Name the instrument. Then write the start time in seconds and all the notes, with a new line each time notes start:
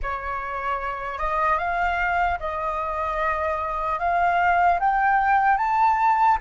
flute
0.02 C#5
1.18 D#5
1.58 F5
2.39 D#5
3.99 F5
4.79 G5
5.57 A5